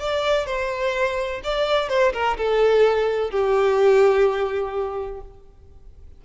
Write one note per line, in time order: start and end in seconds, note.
0.00 0.47 D5
0.47 1.42 C5
1.44 1.89 D5
1.89 2.13 C5
2.13 2.37 A#4
2.38 3.31 A4
3.31 5.21 G4